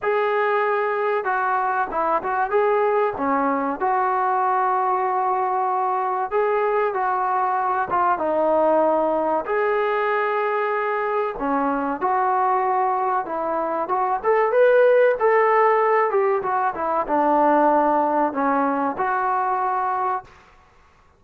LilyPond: \new Staff \with { instrumentName = "trombone" } { \time 4/4 \tempo 4 = 95 gis'2 fis'4 e'8 fis'8 | gis'4 cis'4 fis'2~ | fis'2 gis'4 fis'4~ | fis'8 f'8 dis'2 gis'4~ |
gis'2 cis'4 fis'4~ | fis'4 e'4 fis'8 a'8 b'4 | a'4. g'8 fis'8 e'8 d'4~ | d'4 cis'4 fis'2 | }